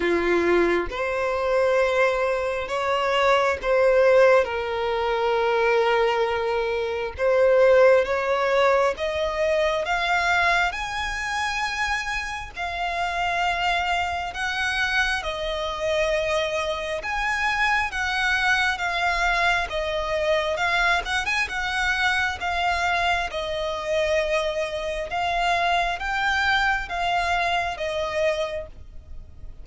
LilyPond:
\new Staff \with { instrumentName = "violin" } { \time 4/4 \tempo 4 = 67 f'4 c''2 cis''4 | c''4 ais'2. | c''4 cis''4 dis''4 f''4 | gis''2 f''2 |
fis''4 dis''2 gis''4 | fis''4 f''4 dis''4 f''8 fis''16 gis''16 | fis''4 f''4 dis''2 | f''4 g''4 f''4 dis''4 | }